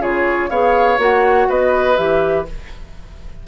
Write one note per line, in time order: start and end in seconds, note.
0.00 0.49 C#3
0.00 0.49 F4
0.00 0.50 G#4
0.00 0.50 C#5
0.49 0.98 B3
0.49 0.98 G#4
0.49 1.48 C#5
0.49 0.99 F5
0.98 1.47 A#3
0.98 1.96 F#4
0.98 1.50 F#5
1.49 1.98 B3
1.49 2.47 B4
1.49 1.97 D#5
1.96 2.47 E3
1.96 2.45 G4
1.96 2.46 E5